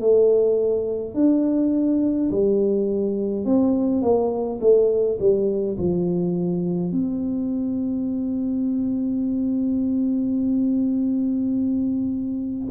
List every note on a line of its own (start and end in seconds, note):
0.00 1.14 A3
1.14 2.29 D4
2.30 3.45 G3
3.45 4.02 C4
4.02 4.59 A#3
4.60 5.18 A3
5.19 5.77 G3
5.78 6.91 F3
6.91 12.68 C4